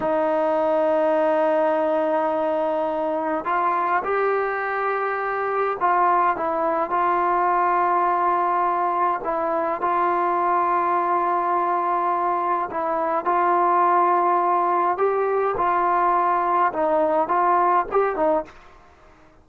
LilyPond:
\new Staff \with { instrumentName = "trombone" } { \time 4/4 \tempo 4 = 104 dis'1~ | dis'2 f'4 g'4~ | g'2 f'4 e'4 | f'1 |
e'4 f'2.~ | f'2 e'4 f'4~ | f'2 g'4 f'4~ | f'4 dis'4 f'4 g'8 dis'8 | }